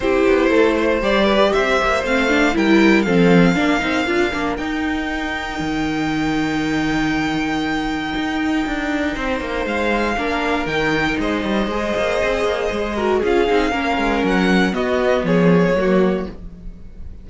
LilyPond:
<<
  \new Staff \with { instrumentName = "violin" } { \time 4/4 \tempo 4 = 118 c''2 d''4 e''4 | f''4 g''4 f''2~ | f''4 g''2.~ | g''1~ |
g''2. f''4~ | f''4 g''4 dis''2~ | dis''2 f''2 | fis''4 dis''4 cis''2 | }
  \new Staff \with { instrumentName = "violin" } { \time 4/4 g'4 a'8 c''4 b'8 c''4~ | c''4 ais'4 a'4 ais'4~ | ais'1~ | ais'1~ |
ais'2 c''2 | ais'2 c''2~ | c''4. ais'8 gis'4 ais'4~ | ais'4 fis'4 gis'4 fis'4 | }
  \new Staff \with { instrumentName = "viola" } { \time 4/4 e'2 g'2 | c'8 d'8 e'4 c'4 d'8 dis'8 | f'8 d'8 dis'2.~ | dis'1~ |
dis'1 | d'4 dis'2 gis'4~ | gis'4. fis'8 f'8 dis'8 cis'4~ | cis'4 b2 ais4 | }
  \new Staff \with { instrumentName = "cello" } { \time 4/4 c'8 b8 a4 g4 c'8 ais8 | a4 g4 f4 ais8 c'8 | d'8 ais8 dis'2 dis4~ | dis1 |
dis'4 d'4 c'8 ais8 gis4 | ais4 dis4 gis8 g8 gis8 ais8 | c'8 ais8 gis4 cis'8 c'8 ais8 gis8 | fis4 b4 f4 fis4 | }
>>